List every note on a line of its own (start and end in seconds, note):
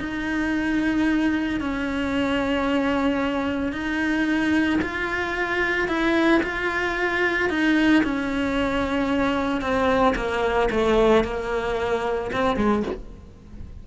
0.00 1.61 D#4
1.61 3.73 C#4
3.73 4.80 D#4
4.82 5.88 F4
5.88 6.42 E4
6.43 7.50 F4
7.50 8.04 D#4
8.04 9.62 C#4
9.62 10.15 C4
10.16 10.70 A#3
10.71 11.25 A3
11.25 12.32 A#3
12.33 12.57 C4
12.57 12.84 G#3